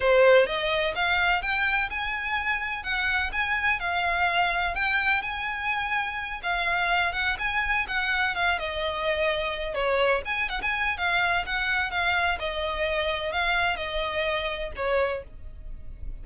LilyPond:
\new Staff \with { instrumentName = "violin" } { \time 4/4 \tempo 4 = 126 c''4 dis''4 f''4 g''4 | gis''2 fis''4 gis''4 | f''2 g''4 gis''4~ | gis''4. f''4. fis''8 gis''8~ |
gis''8 fis''4 f''8 dis''2~ | dis''8 cis''4 gis''8 fis''16 gis''8. f''4 | fis''4 f''4 dis''2 | f''4 dis''2 cis''4 | }